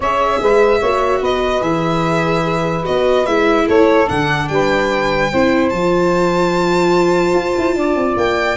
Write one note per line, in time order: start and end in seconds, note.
0.00 0.40 C#4
0.00 0.82 G#4
0.00 0.40 C#5
0.00 1.24 E5
0.42 0.81 G#3
0.42 0.79 B4
0.79 1.21 A#3
0.79 1.61 F#4
0.79 1.19 C#5
1.21 1.61 B3
1.21 3.66 B4
1.21 1.62 D#5
1.61 2.83 E3
1.61 2.83 G#4
1.61 2.85 E5
2.83 3.26 B3
2.83 3.24 F#4
2.83 3.26 D#5
3.26 3.67 G#3
3.26 4.06 E4
3.26 3.66 E5
3.66 4.08 A3
3.66 4.47 A4
3.66 4.08 C#5
4.06 4.49 D3
4.06 5.28 D4
4.06 4.48 F#5
4.48 5.31 G3
4.48 5.31 B4
4.48 5.69 G5
5.31 5.72 C4
5.31 5.73 E4
5.31 7.76 C5
5.69 7.34 F3
5.69 8.57 F4
5.69 8.14 A5
7.34 7.54 F4
7.57 7.75 E4
7.75 7.95 D4
7.75 8.57 D5
7.95 8.16 C4
8.16 8.57 A#3
8.16 8.57 G5